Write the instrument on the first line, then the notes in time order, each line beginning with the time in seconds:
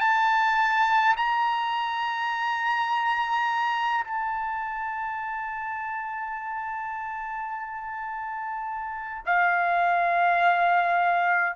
trumpet
0.00 A5
1.16 A#5
4.04 A5
9.25 F5